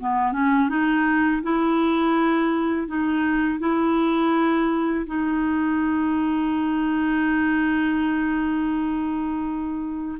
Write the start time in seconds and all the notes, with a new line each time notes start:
0.00 B3
0.33 C#4
0.69 D#4
1.43 E4
2.88 D#4
3.60 E4
5.07 D#4